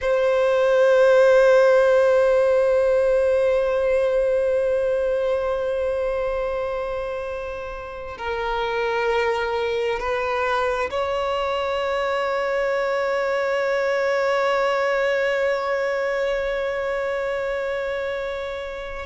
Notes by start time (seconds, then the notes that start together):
0.01 C5
8.17 A#4
9.99 B4
10.90 C#5